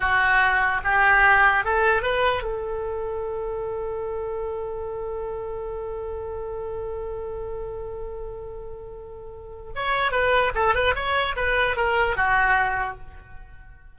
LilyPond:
\new Staff \with { instrumentName = "oboe" } { \time 4/4 \tempo 4 = 148 fis'2 g'2 | a'4 b'4 a'2~ | a'1~ | a'1~ |
a'1~ | a'1 | cis''4 b'4 a'8 b'8 cis''4 | b'4 ais'4 fis'2 | }